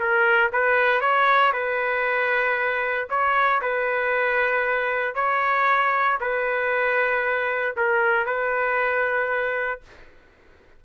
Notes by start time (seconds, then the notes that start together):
0.00 A#4
0.53 B4
1.01 C#5
1.53 B4
3.10 C#5
3.62 B4
5.15 C#5
6.21 B4
7.77 A#4
8.27 B4